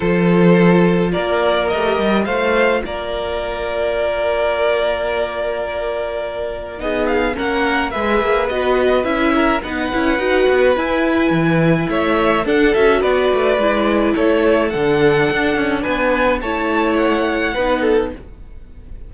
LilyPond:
<<
  \new Staff \with { instrumentName = "violin" } { \time 4/4 \tempo 4 = 106 c''2 d''4 dis''4 | f''4 d''2.~ | d''1 | dis''8 f''8 fis''4 e''4 dis''4 |
e''4 fis''2 gis''4~ | gis''4 e''4 fis''8 e''8 d''4~ | d''4 cis''4 fis''2 | gis''4 a''4 fis''2 | }
  \new Staff \with { instrumentName = "violin" } { \time 4/4 a'2 ais'2 | c''4 ais'2.~ | ais'1 | gis'4 ais'4 b'2~ |
b'8 ais'8 b'2.~ | b'4 cis''4 a'4 b'4~ | b'4 a'2. | b'4 cis''2 b'8 a'8 | }
  \new Staff \with { instrumentName = "viola" } { \time 4/4 f'2. g'4 | f'1~ | f'1 | dis'4 cis'4 gis'4 fis'4 |
e'4 dis'8 e'8 fis'4 e'4~ | e'2 d'8 fis'4. | e'2 d'2~ | d'4 e'2 dis'4 | }
  \new Staff \with { instrumentName = "cello" } { \time 4/4 f2 ais4 a8 g8 | a4 ais2.~ | ais1 | b4 ais4 gis8 ais8 b4 |
cis'4 b8 cis'8 dis'8 b8 e'4 | e4 a4 d'8 cis'8 b8 a8 | gis4 a4 d4 d'8 cis'8 | b4 a2 b4 | }
>>